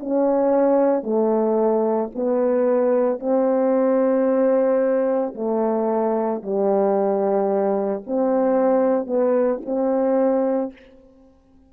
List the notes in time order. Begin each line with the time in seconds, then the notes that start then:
0.00 C#4
1.04 A3
2.15 B3
3.20 C4
5.35 A3
6.43 G3
8.07 C4
9.07 B3
9.66 C4